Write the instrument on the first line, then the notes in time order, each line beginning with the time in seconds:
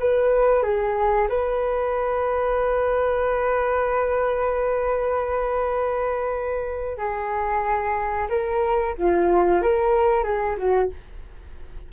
flute
0.00 B4
0.63 G#4
1.29 B4
6.98 G#4
8.29 A#4
8.98 F4
9.62 A#4
10.24 G#4
10.57 F#4